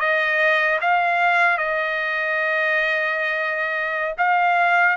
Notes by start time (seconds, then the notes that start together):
0.00 D#5
0.81 F5
1.58 D#5
4.18 F5